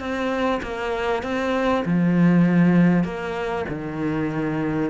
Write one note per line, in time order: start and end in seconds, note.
0.00 0.61 C4
0.63 1.23 A#3
1.23 1.85 C4
1.86 3.04 F3
3.04 3.66 A#3
3.69 4.91 D#3